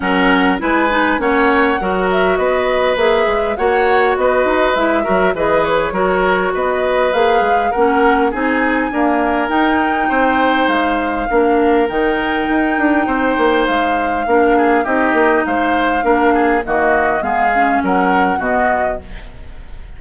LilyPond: <<
  \new Staff \with { instrumentName = "flute" } { \time 4/4 \tempo 4 = 101 fis''4 gis''4 fis''4. e''8 | dis''4 e''4 fis''4 dis''4 | e''4 dis''8 cis''4. dis''4 | f''4 fis''4 gis''2 |
g''2 f''2 | g''2. f''4~ | f''4 dis''4 f''2 | dis''4 f''4 fis''4 dis''4 | }
  \new Staff \with { instrumentName = "oboe" } { \time 4/4 ais'4 b'4 cis''4 ais'4 | b'2 cis''4 b'4~ | b'8 ais'8 b'4 ais'4 b'4~ | b'4 ais'4 gis'4 ais'4~ |
ais'4 c''2 ais'4~ | ais'2 c''2 | ais'8 gis'8 g'4 c''4 ais'8 gis'8 | fis'4 gis'4 ais'4 fis'4 | }
  \new Staff \with { instrumentName = "clarinet" } { \time 4/4 cis'4 e'8 dis'8 cis'4 fis'4~ | fis'4 gis'4 fis'2 | e'8 fis'8 gis'4 fis'2 | gis'4 cis'4 dis'4 ais4 |
dis'2. d'4 | dis'1 | d'4 dis'2 d'4 | ais4 b8 cis'4. b4 | }
  \new Staff \with { instrumentName = "bassoon" } { \time 4/4 fis4 gis4 ais4 fis4 | b4 ais8 gis8 ais4 b8 dis'8 | gis8 fis8 e4 fis4 b4 | ais8 gis8 ais4 c'4 d'4 |
dis'4 c'4 gis4 ais4 | dis4 dis'8 d'8 c'8 ais8 gis4 | ais4 c'8 ais8 gis4 ais4 | dis4 gis4 fis4 b,4 | }
>>